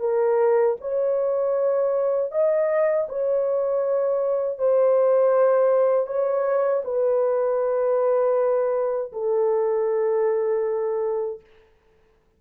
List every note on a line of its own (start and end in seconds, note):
0.00 0.76 A#4
0.81 2.32 C#5
2.32 3.08 D#5
3.09 4.58 C#5
4.58 6.07 C5
6.07 6.83 C#5
6.85 9.12 B4
9.13 11.41 A4